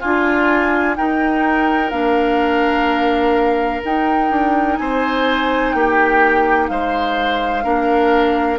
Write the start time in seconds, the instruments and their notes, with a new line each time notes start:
0.00 bassoon D4, oboe F4, clarinet F4, flute G#5
0.96 clarinet D#4, bassoon D#4, oboe A#4, flute G5
1.91 bassoon A#3, clarinet D4, flute F5
3.85 bassoon D#4, clarinet D#4, flute G5
4.31 bassoon D4
4.77 bassoon C4, oboe C5, flute G#5
5.72 bassoon A#3, oboe G4, flute G5
6.68 bassoon G#3, oboe C5, flute F5
7.63 bassoon A#3, clarinet D4, oboe A#4